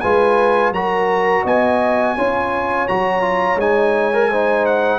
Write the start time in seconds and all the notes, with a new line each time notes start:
0.00 G#3 F4 B4 G#5
0.71 F#3 F#4 A#4 A#5
1.43 B3 D#5 G#5
2.16 C#4 F4 C#5
2.88 F#3 F#4 A#5
3.21 F4
3.55 G#3 D#4 G#5
4.13 A#4
4.30 D#4 C5
4.66 F#5